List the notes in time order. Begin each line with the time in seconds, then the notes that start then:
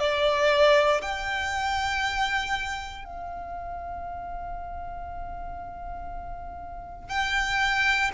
0.00 D5
1.02 G5
3.05 F5
7.10 G5